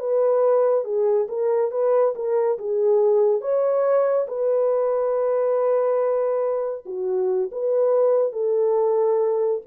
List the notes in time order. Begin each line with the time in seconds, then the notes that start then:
0.00 B4
0.85 G#4
1.29 A#4
1.71 B4
2.15 A#4
2.59 G#4
3.41 C#5
4.28 B4
6.86 F#4
7.52 B4
8.33 A4